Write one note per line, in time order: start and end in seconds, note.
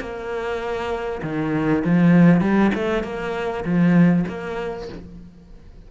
0.00 1.21 A#3
1.23 1.83 D#3
1.84 2.41 F3
2.41 2.71 G3
2.74 3.03 A3
3.03 3.64 A#3
3.64 4.25 F3
4.28 4.88 A#3